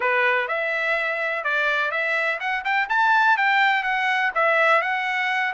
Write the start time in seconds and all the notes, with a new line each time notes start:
0.00 B4
0.48 E5
1.44 D5
1.91 E5
2.40 F#5
2.64 G5
2.89 A5
3.37 G5
3.83 F#5
4.34 E5
4.81 F#5